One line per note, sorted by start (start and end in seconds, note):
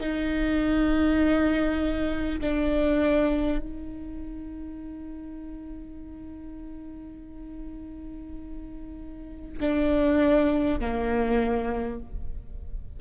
0.00 2.40 D#4
2.41 3.58 D4
3.58 9.58 D#4
9.61 10.79 D4
10.79 11.99 A#3